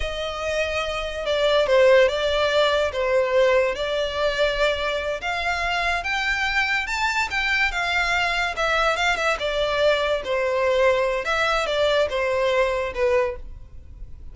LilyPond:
\new Staff \with { instrumentName = "violin" } { \time 4/4 \tempo 4 = 144 dis''2. d''4 | c''4 d''2 c''4~ | c''4 d''2.~ | d''8 f''2 g''4.~ |
g''8 a''4 g''4 f''4.~ | f''8 e''4 f''8 e''8 d''4.~ | d''8 c''2~ c''8 e''4 | d''4 c''2 b'4 | }